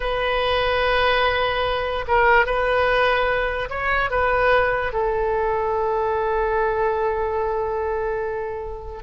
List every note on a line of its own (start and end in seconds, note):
0.00 2.05 B4
2.07 2.46 A#4
2.46 3.69 B4
3.69 4.10 C#5
4.10 4.92 B4
4.92 9.02 A4